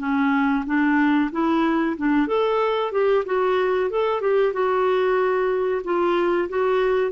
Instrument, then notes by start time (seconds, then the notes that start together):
clarinet
0.00 C#4
0.67 D4
1.32 E4
1.97 D4
2.28 A4
2.92 G4
3.26 F#4
3.91 A4
4.21 G4
4.53 F#4
5.84 F4
6.50 F#4